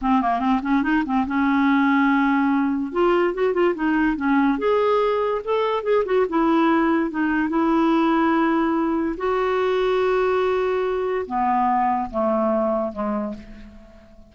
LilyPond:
\new Staff \with { instrumentName = "clarinet" } { \time 4/4 \tempo 4 = 144 c'8 ais8 c'8 cis'8 dis'8 c'8 cis'4~ | cis'2. f'4 | fis'8 f'8 dis'4 cis'4 gis'4~ | gis'4 a'4 gis'8 fis'8 e'4~ |
e'4 dis'4 e'2~ | e'2 fis'2~ | fis'2. b4~ | b4 a2 gis4 | }